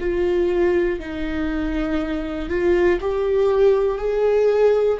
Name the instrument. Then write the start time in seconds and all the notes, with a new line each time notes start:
viola
0.00 F4
1.00 D#4
2.50 F4
3.00 G4
3.98 G#4